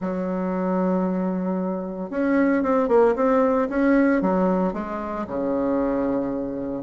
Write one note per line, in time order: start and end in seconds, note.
0.00 2.10 F#3
2.10 2.62 C#4
2.62 2.88 C4
2.88 3.14 A#3
3.15 3.68 C4
3.69 4.21 C#4
4.21 4.73 F#3
4.73 5.25 G#3
5.27 6.83 C#3